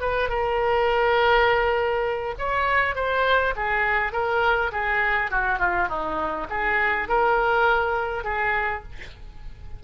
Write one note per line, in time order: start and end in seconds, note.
0.00 0.29 B4
0.29 2.34 A#4
2.38 2.95 C#5
2.95 3.54 C5
3.56 4.12 G#4
4.12 4.71 A#4
4.71 5.30 G#4
5.30 5.59 F#4
5.59 5.88 F4
5.88 6.47 D#4
6.49 7.08 G#4
7.08 8.24 A#4
8.24 8.82 G#4